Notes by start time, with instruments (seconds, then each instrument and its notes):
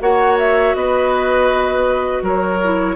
0.00 bassoon A#3, clarinet F#4, oboe C#5, flute F#5
0.38 flute E5
0.74 bassoon B3, oboe B4, flute D#5
2.22 bassoon F#3, oboe A#4, flute C#5
2.63 clarinet E4